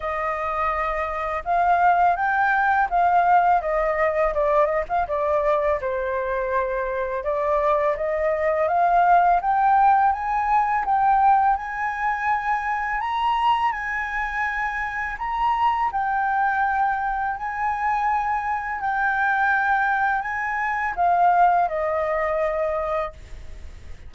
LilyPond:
\new Staff \with { instrumentName = "flute" } { \time 4/4 \tempo 4 = 83 dis''2 f''4 g''4 | f''4 dis''4 d''8 dis''16 f''16 d''4 | c''2 d''4 dis''4 | f''4 g''4 gis''4 g''4 |
gis''2 ais''4 gis''4~ | gis''4 ais''4 g''2 | gis''2 g''2 | gis''4 f''4 dis''2 | }